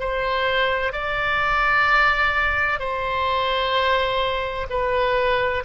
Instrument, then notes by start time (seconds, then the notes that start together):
oboe
0.00 C5
0.93 D5
2.80 C5
4.70 B4